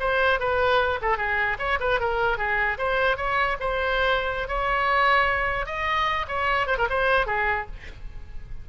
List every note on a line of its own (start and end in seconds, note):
0.00 0.40 C5
0.40 1.00 B4
1.01 1.17 A4
1.17 1.57 G#4
1.59 1.79 C#5
1.80 2.00 B4
2.00 2.38 A#4
2.38 2.78 G#4
2.78 3.17 C5
3.17 3.57 C#5
3.60 4.48 C5
4.48 5.66 C#5
5.66 6.26 D#5
6.28 6.67 C#5
6.67 6.77 C5
6.78 6.88 A#4
6.90 7.26 C5
7.26 7.66 G#4